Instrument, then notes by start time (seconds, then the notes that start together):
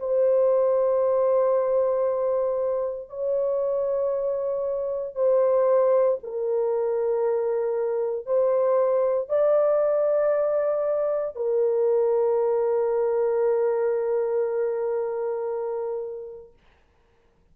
horn
0.00 C5
3.10 C#5
5.15 C5
6.24 A#4
8.27 C5
9.29 D5
11.36 A#4